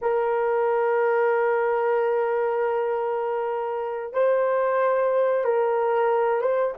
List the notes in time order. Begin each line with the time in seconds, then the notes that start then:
0.01 A#4
4.13 C5
5.44 A#4
6.41 C5